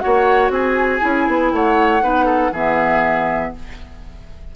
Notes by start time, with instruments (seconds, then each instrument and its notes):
0.00 bassoon A#3, clarinet F#4, oboe C#5, flute F#5
0.50 bassoon C4, oboe G#4, flute G#5
1.01 bassoon C#4, clarinet E4
1.28 bassoon B3
1.53 bassoon A3, oboe C#5, flute F#5
2.02 bassoon B3, clarinet D#4, oboe B4
2.26 oboe A4
2.52 bassoon E3, clarinet B3, oboe G#4, flute E5